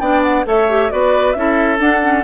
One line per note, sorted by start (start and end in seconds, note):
0.00 0.46 B3
0.00 0.45 D4
0.00 0.46 D5
0.00 0.23 G5
0.23 0.46 F#5
0.45 0.91 A3
0.45 0.68 A4
0.45 0.92 C#5
0.45 0.91 E5
0.69 0.90 G4
0.90 1.35 B3
0.90 1.35 F#4
0.90 1.38 B4
0.90 1.33 D5
1.33 1.79 C#4
1.33 1.78 E4
1.33 2.24 A4
1.33 1.78 E5
1.78 2.01 D4
1.78 2.24 D4
1.78 2.24 F#5
2.02 2.24 C#4